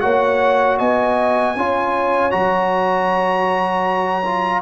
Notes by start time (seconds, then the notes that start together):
0.00 A#3 F#4 C#5 F#5
0.78 B3 D#5 G#5
1.56 C#4 F4 C#5
2.30 F#3 F#4 A#5
4.24 F4